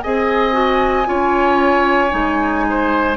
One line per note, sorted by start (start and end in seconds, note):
0.00 1.08 C4
0.00 0.52 G#4
0.00 1.07 D#5
0.00 3.16 G#5
0.52 1.04 F#4
1.05 2.13 C#4
1.05 2.09 F4
1.05 2.65 C#5
2.09 3.16 G#3
2.09 3.14 D#4
2.69 3.16 C5